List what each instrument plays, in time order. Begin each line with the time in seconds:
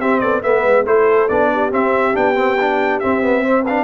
0.00 tuba C4, trombone C4, horn G4, trumpet E5
0.20 tuba B3, horn A4, trumpet D5
0.43 tuba A3, trombone B3, horn B4, trumpet E5
0.64 tuba G#3
0.86 tuba A3, trombone E4, horn A4, trumpet C5
1.28 tuba B3, trombone D4, trumpet D5
1.53 horn G4
1.71 trombone C4, tuba C4, trumpet E5
2.14 tuba B3, trombone D4, trumpet G5
2.35 trombone C4
2.60 trombone D4
3.00 trombone C4, tuba C4, trumpet E5
3.22 trombone B3
3.43 trombone C4, horn C5
3.63 trombone D4, horn B4, trumpet F5